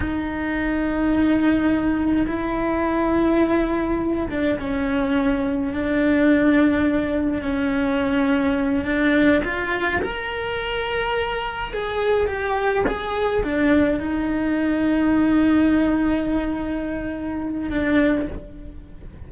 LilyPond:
\new Staff \with { instrumentName = "cello" } { \time 4/4 \tempo 4 = 105 dis'1 | e'2.~ e'8 d'8 | cis'2 d'2~ | d'4 cis'2~ cis'8 d'8~ |
d'8 f'4 ais'2~ ais'8~ | ais'8 gis'4 g'4 gis'4 d'8~ | d'8 dis'2.~ dis'8~ | dis'2. d'4 | }